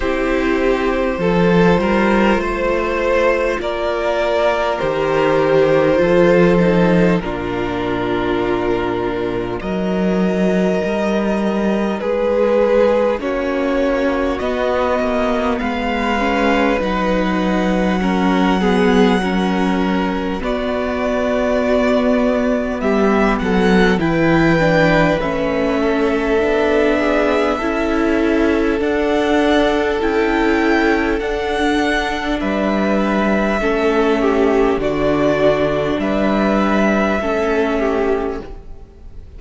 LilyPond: <<
  \new Staff \with { instrumentName = "violin" } { \time 4/4 \tempo 4 = 50 c''2. d''4 | c''2 ais'2 | dis''2 b'4 cis''4 | dis''4 f''4 fis''2~ |
fis''4 d''2 e''8 fis''8 | g''4 e''2. | fis''4 g''4 fis''4 e''4~ | e''4 d''4 e''2 | }
  \new Staff \with { instrumentName = "violin" } { \time 4/4 g'4 a'8 ais'8 c''4 ais'4~ | ais'4 a'4 f'2 | ais'2 gis'4 fis'4~ | fis'4 b'2 ais'8 gis'8 |
ais'4 fis'2 g'8 a'8 | b'4. a'4 gis'8 a'4~ | a'2. b'4 | a'8 g'8 fis'4 b'4 a'8 g'8 | }
  \new Staff \with { instrumentName = "viola" } { \time 4/4 e'4 f'2. | g'4 f'8 dis'8 d'2 | dis'2. cis'4 | b4. cis'8 dis'4 cis'8 b8 |
cis'4 b2. | e'8 d'8 cis'4 d'4 e'4 | d'4 e'4 d'2 | cis'4 d'2 cis'4 | }
  \new Staff \with { instrumentName = "cello" } { \time 4/4 c'4 f8 g8 a4 ais4 | dis4 f4 ais,2 | fis4 g4 gis4 ais4 | b8 ais8 gis4 fis2~ |
fis4 b2 g8 fis8 | e4 a4 b4 cis'4 | d'4 cis'4 d'4 g4 | a4 d4 g4 a4 | }
>>